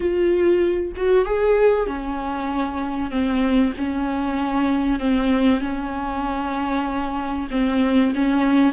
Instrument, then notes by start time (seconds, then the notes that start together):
viola
0.00 F4
0.96 F#4
1.25 G#4
1.87 C#4
3.10 C4
3.77 C#4
4.99 C4
5.60 C#4
7.50 C4
8.14 C#4